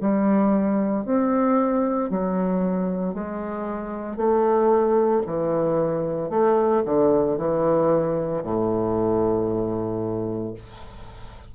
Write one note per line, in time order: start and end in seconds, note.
0.00 1.05 G3
1.05 2.10 C4
2.10 3.13 F#3
3.13 4.16 G#3
4.16 5.22 A3
5.26 6.30 E3
6.30 6.82 A3
6.86 7.37 D3
7.37 8.43 E3
8.43 10.54 A2